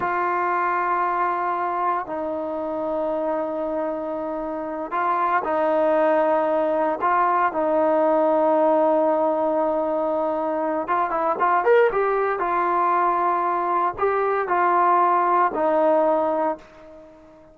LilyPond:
\new Staff \with { instrumentName = "trombone" } { \time 4/4 \tempo 4 = 116 f'1 | dis'1~ | dis'4. f'4 dis'4.~ | dis'4. f'4 dis'4.~ |
dis'1~ | dis'4 f'8 e'8 f'8 ais'8 g'4 | f'2. g'4 | f'2 dis'2 | }